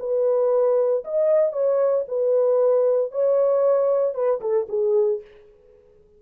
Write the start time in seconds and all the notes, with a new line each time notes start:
0.00 B4
1.05 D#5
1.53 C#5
2.08 B4
3.12 C#5
4.15 B4
4.41 A4
4.69 G#4